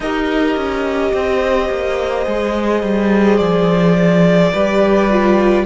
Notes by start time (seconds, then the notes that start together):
0.00 D#4 G4 A#4 D#5
0.56 C#4
1.13 C4 C5
1.69 A#3
2.26 G#3 G#4
2.83 G3
3.37 F3 D5
4.51 G3 G4 B4
5.10 F4